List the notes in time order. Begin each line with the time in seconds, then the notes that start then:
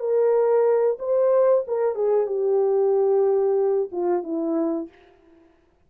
0.00 A#4
0.99 C5
1.68 A#4
1.95 G#4
2.27 G4
3.92 F4
4.24 E4